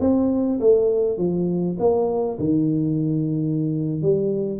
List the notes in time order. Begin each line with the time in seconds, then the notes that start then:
0.00 C4
0.60 A3
1.18 F3
1.79 A#3
2.39 D#3
4.02 G3